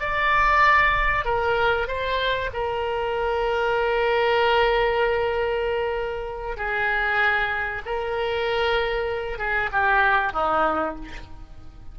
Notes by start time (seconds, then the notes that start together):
0.00 D5
1.25 A#4
1.88 C5
2.53 A#4
6.57 G#4
7.86 A#4
9.38 G#4
9.72 G4
10.33 D#4